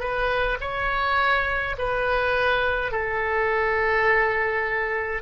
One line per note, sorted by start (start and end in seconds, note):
0.00 0.58 B4
0.61 1.76 C#5
1.78 2.92 B4
2.92 5.22 A4